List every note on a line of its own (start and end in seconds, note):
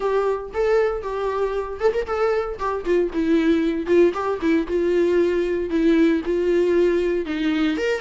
0.00 0.50 G4
0.53 1.02 A4
1.02 1.80 G4
1.80 1.93 A4
1.93 2.05 A#4
2.06 2.58 A4
2.58 2.84 G4
2.84 3.10 F4
3.12 3.86 E4
3.86 4.12 F4
4.13 4.39 G4
4.41 4.66 E4
4.67 5.69 F4
5.69 6.21 E4
6.25 7.25 F4
7.25 7.77 D#4
7.77 8.00 A#4